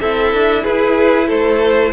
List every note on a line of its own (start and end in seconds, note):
0.00 0.33 C4
0.00 1.92 E4
0.00 0.63 A4
0.00 0.64 E5
0.33 0.65 D4
0.63 1.30 E4
0.63 1.27 G#4
0.63 1.28 B4
1.27 1.92 A3
1.27 1.92 A4
1.27 1.92 C5